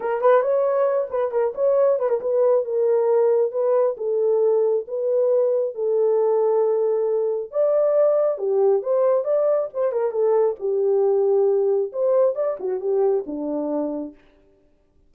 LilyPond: \new Staff \with { instrumentName = "horn" } { \time 4/4 \tempo 4 = 136 ais'8 b'8 cis''4. b'8 ais'8 cis''8~ | cis''8 b'16 ais'16 b'4 ais'2 | b'4 a'2 b'4~ | b'4 a'2.~ |
a'4 d''2 g'4 | c''4 d''4 c''8 ais'8 a'4 | g'2. c''4 | d''8 fis'8 g'4 d'2 | }